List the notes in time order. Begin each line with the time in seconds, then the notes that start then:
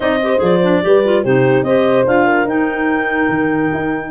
0.00 C4 D#4 D5 D#5
0.22 G4 C5
0.37 F3 G#4 D5
0.62 D4
0.82 G3 G4 B4
1.04 F4
1.23 C3 D#4 G4 C5
1.63 C4 G4 C5 D#5
2.06 D4 F4 F5
2.25 A#4
2.44 D#4 G5
3.29 D#3
3.73 D#4